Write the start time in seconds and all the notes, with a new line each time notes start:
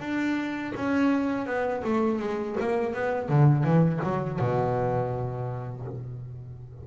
0.00 D4
0.76 C#4
1.46 B3
1.84 A3
2.20 G#3
2.60 A#3
2.94 B3
3.29 D3
3.64 E3
4.03 F#3
4.40 B2